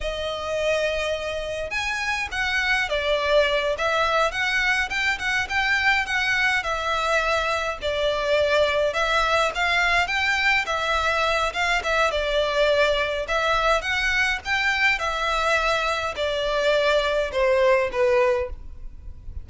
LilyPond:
\new Staff \with { instrumentName = "violin" } { \time 4/4 \tempo 4 = 104 dis''2. gis''4 | fis''4 d''4. e''4 fis''8~ | fis''8 g''8 fis''8 g''4 fis''4 e''8~ | e''4. d''2 e''8~ |
e''8 f''4 g''4 e''4. | f''8 e''8 d''2 e''4 | fis''4 g''4 e''2 | d''2 c''4 b'4 | }